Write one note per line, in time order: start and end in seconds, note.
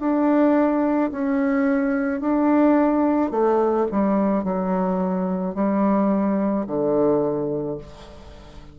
0.00 1.11 D4
1.12 2.21 C#4
2.21 3.31 D4
3.31 3.87 A3
3.92 4.44 G3
4.44 5.55 F#3
5.55 6.66 G3
6.67 7.78 D3